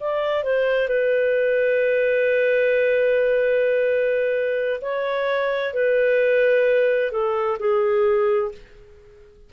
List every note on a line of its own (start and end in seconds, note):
0.00 0.44 D5
0.44 0.88 C5
0.88 4.80 B4
4.82 5.74 C#5
5.74 7.12 B4
7.12 7.58 A4
7.59 8.52 G#4